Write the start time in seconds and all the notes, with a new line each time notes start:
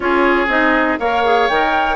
0.00 C#4 F4 G#4 C#5
0.47 C4 D#4 D#5
0.99 A#3 A#4 C#5 F5
1.24 G#4
1.48 D#3 A#4 G5